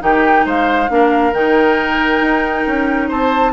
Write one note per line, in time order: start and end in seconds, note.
0.00 0.45 D#3
0.00 0.88 D#4
0.00 0.46 G4
0.00 0.47 G5
0.45 0.89 G#3
0.45 0.90 C5
0.45 1.34 F5
0.89 1.33 A#3
0.89 1.34 D4
0.89 3.08 A#4
1.33 2.21 D#3
1.33 3.53 D#4
1.33 3.10 G5
2.21 2.65 D#4
2.67 3.11 C#4
3.08 3.53 C4
3.08 3.52 C5
3.08 3.53 A5